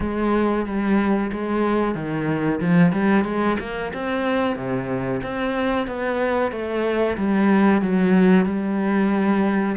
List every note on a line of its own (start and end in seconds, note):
0.00 0.65 G#3
0.65 1.30 G3
1.32 1.94 G#3
1.94 2.60 D#3
2.60 2.92 F3
2.92 3.24 G3
3.24 3.57 G#3
3.59 3.92 A#3
3.93 4.55 C4
4.55 5.21 C3
5.22 5.87 C4
5.87 6.51 B3
6.51 7.17 A3
7.17 7.81 G3
7.81 8.45 F#3
8.45 9.76 G3